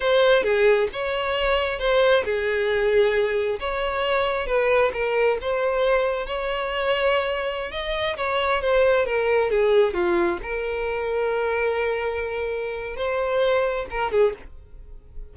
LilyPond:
\new Staff \with { instrumentName = "violin" } { \time 4/4 \tempo 4 = 134 c''4 gis'4 cis''2 | c''4 gis'2. | cis''2 b'4 ais'4 | c''2 cis''2~ |
cis''4~ cis''16 dis''4 cis''4 c''8.~ | c''16 ais'4 gis'4 f'4 ais'8.~ | ais'1~ | ais'4 c''2 ais'8 gis'8 | }